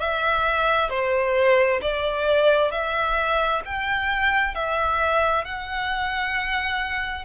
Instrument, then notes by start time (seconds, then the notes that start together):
violin
0.00 E5
0.90 C5
1.82 D5
2.71 E5
3.65 G5
4.55 E5
5.45 F#5